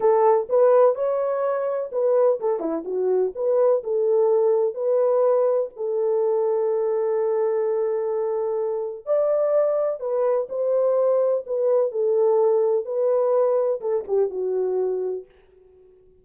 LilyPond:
\new Staff \with { instrumentName = "horn" } { \time 4/4 \tempo 4 = 126 a'4 b'4 cis''2 | b'4 a'8 e'8 fis'4 b'4 | a'2 b'2 | a'1~ |
a'2. d''4~ | d''4 b'4 c''2 | b'4 a'2 b'4~ | b'4 a'8 g'8 fis'2 | }